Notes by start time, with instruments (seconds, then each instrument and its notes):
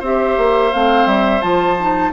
0.00 bassoon C4, clarinet G4, oboe C5, flute E5
0.38 bassoon A#3
0.72 bassoon A3, clarinet C4, flute F5
1.06 bassoon G3, flute E5
1.42 bassoon F3, clarinet F4, flute A5
1.80 clarinet D#4